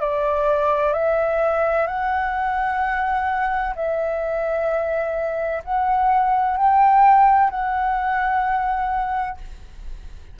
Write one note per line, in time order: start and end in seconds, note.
0.00 0.93 D5
0.93 1.87 E5
1.87 3.74 F#5
3.75 5.62 E5
5.64 6.57 F#5
6.57 7.50 G5
7.50 9.37 F#5